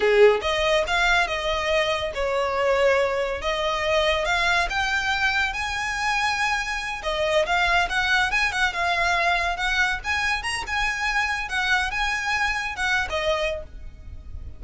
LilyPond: \new Staff \with { instrumentName = "violin" } { \time 4/4 \tempo 4 = 141 gis'4 dis''4 f''4 dis''4~ | dis''4 cis''2. | dis''2 f''4 g''4~ | g''4 gis''2.~ |
gis''8 dis''4 f''4 fis''4 gis''8 | fis''8 f''2 fis''4 gis''8~ | gis''8 ais''8 gis''2 fis''4 | gis''2 fis''8. dis''4~ dis''16 | }